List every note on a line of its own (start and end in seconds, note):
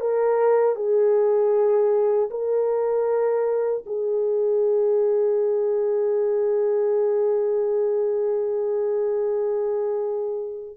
0.00 0.76 A#4
0.76 2.29 G#4
2.30 3.84 A#4
3.86 10.77 G#4